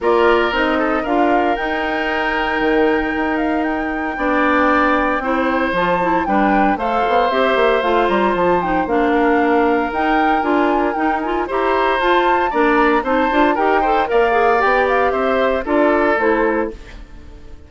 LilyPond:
<<
  \new Staff \with { instrumentName = "flute" } { \time 4/4 \tempo 4 = 115 d''4 dis''4 f''4 g''4~ | g''2~ g''8 f''8 g''4~ | g''2. a''4 | g''4 f''4 e''4 f''8 ais''8 |
a''8 g''8 f''2 g''4 | gis''4 g''8 gis''8 ais''4 a''4 | ais''4 a''4 g''4 f''4 | g''8 f''8 e''4 d''4 c''4 | }
  \new Staff \with { instrumentName = "oboe" } { \time 4/4 ais'4. a'8 ais'2~ | ais'1 | d''2 c''2 | b'4 c''2.~ |
c''4. ais'2~ ais'8~ | ais'2 c''2 | d''4 c''4 ais'8 c''8 d''4~ | d''4 c''4 a'2 | }
  \new Staff \with { instrumentName = "clarinet" } { \time 4/4 f'4 dis'4 f'4 dis'4~ | dis'1 | d'2 e'4 f'8 e'8 | d'4 a'4 g'4 f'4~ |
f'8 dis'8 d'2 dis'4 | f'4 dis'8 f'8 g'4 f'4 | d'4 dis'8 f'8 g'8 a'8 ais'8 gis'8 | g'2 f'4 e'4 | }
  \new Staff \with { instrumentName = "bassoon" } { \time 4/4 ais4 c'4 d'4 dis'4~ | dis'4 dis4 dis'2 | b2 c'4 f4 | g4 a8 b8 c'8 ais8 a8 g8 |
f4 ais2 dis'4 | d'4 dis'4 e'4 f'4 | ais4 c'8 d'8 dis'4 ais4 | b4 c'4 d'4 a4 | }
>>